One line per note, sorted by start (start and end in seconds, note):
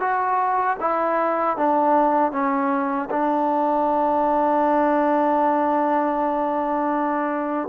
0.00 0.77 F#4
0.80 1.57 E4
1.57 2.32 D4
2.32 3.09 C#4
3.10 7.69 D4